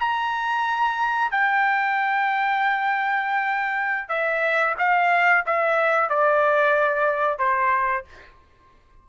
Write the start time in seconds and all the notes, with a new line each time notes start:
0.00 A#5
1.32 G5
4.09 E5
4.79 F5
5.47 E5
6.10 D5
7.39 C5